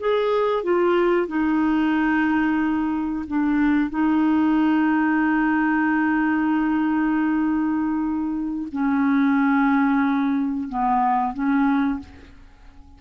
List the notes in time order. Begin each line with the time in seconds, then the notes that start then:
0.00 G#4
0.63 F4
1.28 D#4
3.28 D4
3.91 D#4
8.72 C#4
10.69 B3
11.34 C#4